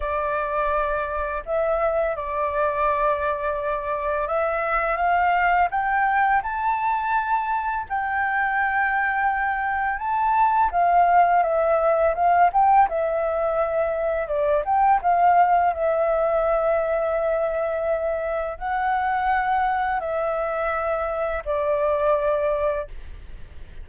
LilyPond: \new Staff \with { instrumentName = "flute" } { \time 4/4 \tempo 4 = 84 d''2 e''4 d''4~ | d''2 e''4 f''4 | g''4 a''2 g''4~ | g''2 a''4 f''4 |
e''4 f''8 g''8 e''2 | d''8 g''8 f''4 e''2~ | e''2 fis''2 | e''2 d''2 | }